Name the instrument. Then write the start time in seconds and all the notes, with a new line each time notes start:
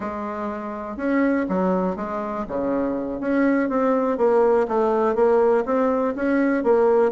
bassoon
0.00 G#3
0.96 C#4
1.48 F#3
1.96 G#3
2.47 C#3
3.20 C#4
3.69 C4
4.17 A#3
4.67 A3
5.15 A#3
5.65 C4
6.15 C#4
6.63 A#3